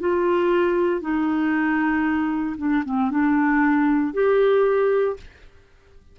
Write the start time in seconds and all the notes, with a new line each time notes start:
0.00 F4
1.01 D#4
2.57 D4
2.85 C4
3.10 D4
4.13 G4